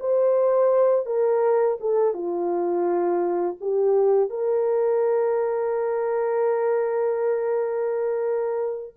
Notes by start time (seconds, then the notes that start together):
0.00 C5
1.06 A#4
1.81 A4
2.14 F4
3.61 G4
4.30 A#4